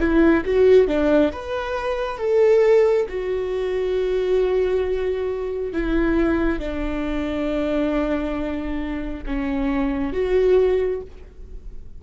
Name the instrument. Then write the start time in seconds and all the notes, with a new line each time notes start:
viola
0.00 E4
0.45 F#4
0.87 D4
1.32 B4
2.18 A4
3.09 F#4
5.73 E4
6.59 D4
9.26 C#4
10.13 F#4